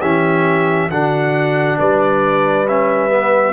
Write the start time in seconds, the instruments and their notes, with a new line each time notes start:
0.00 tuba E3, trombone C#4, horn G4, trumpet E5
0.89 tuba D3, trombone D4, horn F#4, trumpet F#5
1.79 tuba G3, horn B4, trumpet D5
2.68 trombone C#4, trumpet E5
3.09 trombone B3